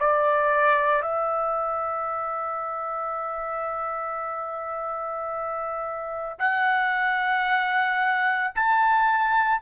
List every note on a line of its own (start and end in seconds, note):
0.00 1.03 D5
1.03 6.38 E5
6.39 8.54 F#5
8.55 9.62 A5